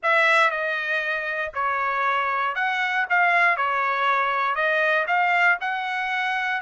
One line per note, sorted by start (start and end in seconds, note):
0.02 0.50 E5
0.50 1.52 D#5
1.53 2.55 C#5
2.55 3.06 F#5
3.09 3.57 F5
3.57 4.55 C#5
4.55 5.06 D#5
5.07 5.57 F5
5.60 6.61 F#5